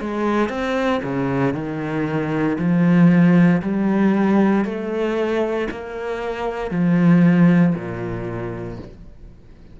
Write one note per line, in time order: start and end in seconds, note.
0.00 0.49 G#3
0.49 1.01 C4
1.03 1.54 C#3
1.54 2.57 D#3
2.58 3.61 F3
3.62 4.65 G3
4.65 5.68 A3
5.70 6.71 A#3
6.71 7.74 F3
7.75 8.78 A#2